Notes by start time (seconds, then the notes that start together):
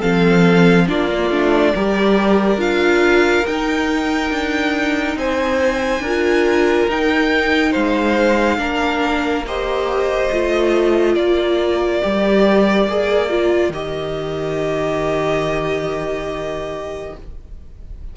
0.00 F3 C4 A4 F5
0.88 A#3 D4 F4 D5
1.11 A#3
1.31 A3 D4
1.75 G3 G4 A#4
2.57 D4 F4 F5
3.47 D#4 G5
4.31 D4
5.16 C4 C5 G#5
6.00 D4 A#4
6.07 F4
6.89 D#4 G5
7.72 G#3 C5 F5
8.58 A#3 D4 A#4
9.47 G4 C5 D#5
10.32 A3 F4
11.14 A#3 A#4 D5
12.03 G3 G4
12.89 A#3 G#4
13.30 F4
13.70 D#3 G4 D#5